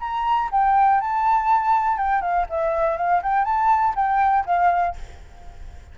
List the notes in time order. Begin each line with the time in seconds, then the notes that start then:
0.00 A#5
0.52 G5
1.01 A5
1.98 G5
2.22 F5
2.50 E5
2.98 F5
3.23 G5
3.45 A5
3.96 G5
4.46 F5